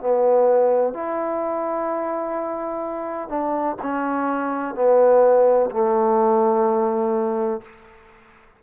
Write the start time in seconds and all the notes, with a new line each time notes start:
0.00 B3
0.94 E4
3.29 D4
3.82 C#4
4.75 B3
5.71 A3